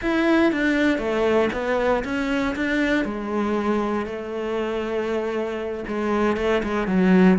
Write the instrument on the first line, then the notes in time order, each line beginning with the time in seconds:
cello
0.01 E4
0.52 D4
0.98 A3
1.53 B3
2.04 C#4
2.55 D4
3.05 G#3
4.06 A3
5.87 G#3
6.37 A3
6.63 G#3
6.87 F#3